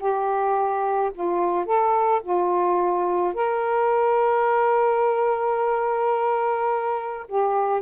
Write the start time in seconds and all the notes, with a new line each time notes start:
0.00 G4
1.15 F4
1.66 A4
2.24 F4
3.34 A#4
7.29 G4